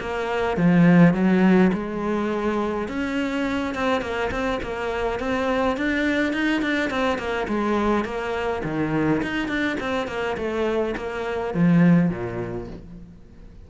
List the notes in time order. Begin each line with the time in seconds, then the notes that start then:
0.00 A#3
0.57 F3
1.14 F#3
1.73 G#3
2.88 C#4
3.74 C4
4.01 A#3
4.31 C4
4.62 A#3
5.19 C4
5.77 D4
6.33 D#4
6.62 D4
6.90 C4
7.18 A#3
7.48 G#3
8.04 A#3
8.64 D#3
9.22 D#4
9.48 D4
9.80 C4
10.08 A#3
10.37 A3
10.96 A#3
11.54 F3
12.10 A#2